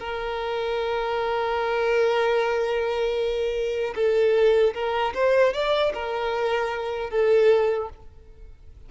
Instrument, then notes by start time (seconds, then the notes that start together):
violin
0.00 A#4
3.95 A4
4.74 A#4
5.15 C5
5.54 D5
5.94 A#4
7.11 A4